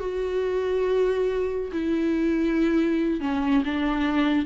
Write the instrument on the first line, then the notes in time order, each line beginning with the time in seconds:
viola
0.00 F#4
1.73 E4
3.21 C#4
3.65 D4